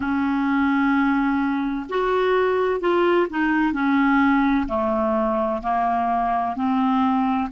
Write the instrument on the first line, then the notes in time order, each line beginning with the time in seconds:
clarinet
0.00 C#4
1.89 F#4
2.80 F4
3.29 D#4
3.72 C#4
4.67 A3
5.62 A#3
6.55 C4